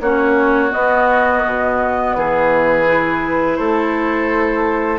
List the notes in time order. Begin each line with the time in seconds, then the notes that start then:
0.00 A#3 C#4 F#4 C#5
0.69 B3 D#5
1.45 B2
2.14 E3 G#4 B4
2.86 E4
3.56 A3 A4 C5